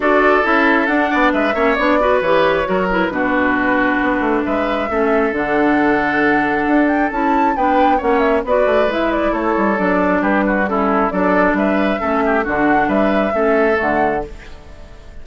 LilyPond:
<<
  \new Staff \with { instrumentName = "flute" } { \time 4/4 \tempo 4 = 135 d''4 e''4 fis''4 e''4 | d''4 cis''4. b'4.~ | b'2 e''2 | fis''2.~ fis''8 g''8 |
a''4 g''4 fis''8 e''8 d''4 | e''8 d''8 cis''4 d''4 b'4 | a'4 d''4 e''2 | fis''4 e''2 fis''4 | }
  \new Staff \with { instrumentName = "oboe" } { \time 4/4 a'2~ a'8 d''8 b'8 cis''8~ | cis''8 b'4. ais'4 fis'4~ | fis'2 b'4 a'4~ | a'1~ |
a'4 b'4 cis''4 b'4~ | b'4 a'2 g'8 fis'8 | e'4 a'4 b'4 a'8 g'8 | fis'4 b'4 a'2 | }
  \new Staff \with { instrumentName = "clarinet" } { \time 4/4 fis'4 e'4 d'4. cis'8 | d'8 fis'8 g'4 fis'8 e'8 d'4~ | d'2. cis'4 | d'1 |
e'4 d'4 cis'4 fis'4 | e'2 d'2 | cis'4 d'2 cis'4 | d'2 cis'4 a4 | }
  \new Staff \with { instrumentName = "bassoon" } { \time 4/4 d'4 cis'4 d'8 b8 gis8 ais8 | b4 e4 fis4 b,4~ | b,4 b8 a8 gis4 a4 | d2. d'4 |
cis'4 b4 ais4 b8 a8 | gis4 a8 g8 fis4 g4~ | g4 fis4 g4 a4 | d4 g4 a4 d4 | }
>>